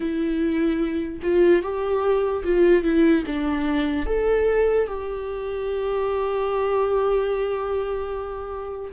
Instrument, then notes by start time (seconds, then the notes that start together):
viola
0.00 E4
1.22 F4
1.62 G4
2.44 F4
2.83 E4
3.26 D4
4.06 A4
4.86 G4